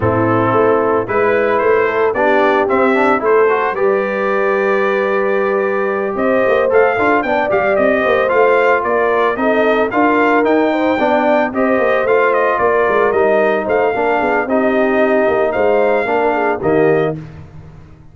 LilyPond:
<<
  \new Staff \with { instrumentName = "trumpet" } { \time 4/4 \tempo 4 = 112 a'2 b'4 c''4 | d''4 e''4 c''4 d''4~ | d''2.~ d''8 dis''8~ | dis''8 f''4 g''8 f''8 dis''4 f''8~ |
f''8 d''4 dis''4 f''4 g''8~ | g''4. dis''4 f''8 dis''8 d''8~ | d''8 dis''4 f''4. dis''4~ | dis''4 f''2 dis''4 | }
  \new Staff \with { instrumentName = "horn" } { \time 4/4 e'2 b'4. a'8 | g'2 a'4 b'4~ | b'2.~ b'8 c''8~ | c''4 a'8 d''4. c''4~ |
c''8 ais'4 a'4 ais'4. | c''8 d''4 c''2 ais'8~ | ais'4. c''8 ais'8 gis'8 g'4~ | g'4 c''4 ais'8 gis'8 g'4 | }
  \new Staff \with { instrumentName = "trombone" } { \time 4/4 c'2 e'2 | d'4 c'8 d'8 e'8 fis'8 g'4~ | g'1~ | g'8 a'8 f'8 d'8 g'4. f'8~ |
f'4. dis'4 f'4 dis'8~ | dis'8 d'4 g'4 f'4.~ | f'8 dis'4. d'4 dis'4~ | dis'2 d'4 ais4 | }
  \new Staff \with { instrumentName = "tuba" } { \time 4/4 a,4 a4 gis4 a4 | b4 c'4 a4 g4~ | g2.~ g8 c'8 | ais8 a8 d'8 b8 g8 c'8 ais8 a8~ |
a8 ais4 c'4 d'4 dis'8~ | dis'8 b4 c'8 ais8 a4 ais8 | gis8 g4 a8 ais8 b8 c'4~ | c'8 ais8 gis4 ais4 dis4 | }
>>